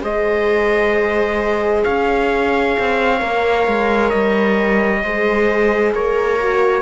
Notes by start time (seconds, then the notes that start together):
0.00 G#3 G#4 C5 D#5
1.84 C#4 C#5 F5
2.79 C4
3.20 A#3 A#4
3.67 G#3
4.09 G3 D#5
5.03 G#3 G#4 C5
5.94 A#3 A#4 C#5
6.40 F#4